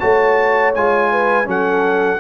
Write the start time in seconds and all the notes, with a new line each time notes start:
0.00 A3 F#4 C#5 A5
0.75 G#3 F4 G#5
1.11 B4
1.45 F#3 C#4 A4 F#5